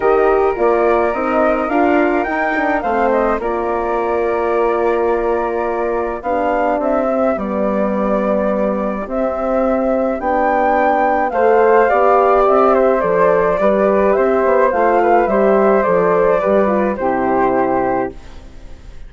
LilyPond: <<
  \new Staff \with { instrumentName = "flute" } { \time 4/4 \tempo 4 = 106 dis''4 d''4 dis''4 f''4 | g''4 f''8 dis''8 d''2~ | d''2. f''4 | e''4 d''2. |
e''2 g''2 | f''2 e''4 d''4~ | d''4 e''4 f''4 e''4 | d''2 c''2 | }
  \new Staff \with { instrumentName = "flute" } { \time 4/4 ais'1~ | ais'4 c''4 ais'2~ | ais'2. g'4~ | g'1~ |
g'1 | c''4 d''4. c''4. | b'4 c''4. b'8 c''4~ | c''4 b'4 g'2 | }
  \new Staff \with { instrumentName = "horn" } { \time 4/4 g'4 f'4 dis'4 f'4 | dis'8 d'8 c'4 f'2~ | f'2. d'4~ | d'8 c'8 b2. |
c'2 d'2 | a'4 g'2 a'4 | g'2 f'4 g'4 | a'4 g'8 f'8 e'2 | }
  \new Staff \with { instrumentName = "bassoon" } { \time 4/4 dis4 ais4 c'4 d'4 | dis'4 a4 ais2~ | ais2. b4 | c'4 g2. |
c'2 b2 | a4 b4 c'4 f4 | g4 c'8 b8 a4 g4 | f4 g4 c2 | }
>>